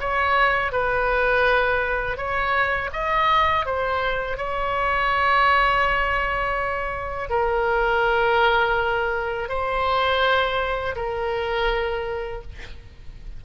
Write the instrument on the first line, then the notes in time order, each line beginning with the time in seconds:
oboe
0.00 C#5
0.72 B4
2.17 C#5
2.93 D#5
3.66 C5
4.37 C#5
7.30 A#4
9.49 C5
10.96 A#4